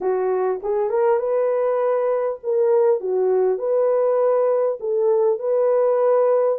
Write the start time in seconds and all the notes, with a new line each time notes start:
0.01 F#4
0.62 G#4
0.89 A#4
1.19 B4
2.43 A#4
3.00 F#4
3.58 B4
4.79 A4
5.39 B4